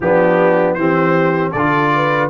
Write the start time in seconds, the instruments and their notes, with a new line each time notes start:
0.00 tuba F3, trombone B3, horn D4, trumpet G4
0.74 tuba E3, trombone C4, horn G4, trumpet C5
1.51 tuba D3, trombone F4, horn A4, trumpet D5
1.95 horn B4